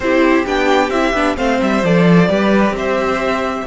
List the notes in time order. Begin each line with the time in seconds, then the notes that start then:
0.00 C4 E4 G4 C5
0.46 B3 D4 G5
0.89 C4 E4 E5
1.13 B3 D4
1.36 A3 C4 C5 F5
1.61 G3 E5
1.83 F3 A4 D5
2.28 G3 G4 B4
2.70 C4
2.76 C5 E5